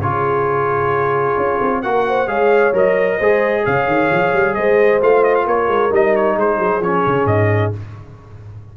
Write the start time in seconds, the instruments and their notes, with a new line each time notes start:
0.00 tuba C#3, trombone F4, horn G#4, trumpet C#5
1.37 tuba C#4
1.61 tuba C4
1.82 tuba A#3, trombone F#4, horn A#4, trumpet F#5
2.08 horn C5
2.27 tuba G#3, trombone G#4, horn C#5, trumpet F5
2.73 tuba F#3, trombone A#4, trumpet D#5
3.17 tuba G#3, trombone G#4, horn C5
3.65 tuba C#3, horn C#5, trumpet F5
3.87 tuba D#3
4.12 tuba F3
4.34 tuba G3
4.54 tuba G#3, horn C5, trumpet D#5
5.01 tuba A3, trombone F4, trumpet F5
5.24 trumpet D#5
5.35 trumpet F5
5.45 tuba A#3, horn A#4, trumpet C#5
5.68 tuba G#3
5.91 tuba G3, trombone D#4, trumpet D#5
6.16 trumpet C#5
6.37 tuba G#3, horn G#4, trumpet C5
6.58 tuba F#3
6.80 tuba F3, trombone C#4, trumpet C#5
7.07 tuba C#3
7.25 tuba G#2, trumpet D#5